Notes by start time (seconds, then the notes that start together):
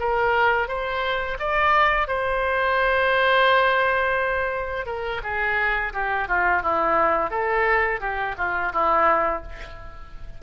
0.00 A#4
0.68 C5
1.40 D5
2.08 C5
4.86 A#4
5.23 G#4
5.93 G4
6.28 F4
6.62 E4
7.31 A4
8.00 G4
8.38 F4
8.73 E4